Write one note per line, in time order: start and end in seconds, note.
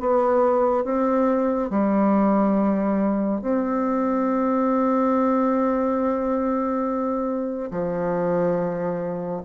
0.00 0.84 B3
0.84 1.70 C4
1.70 3.41 G3
3.42 7.70 C4
7.71 9.42 F3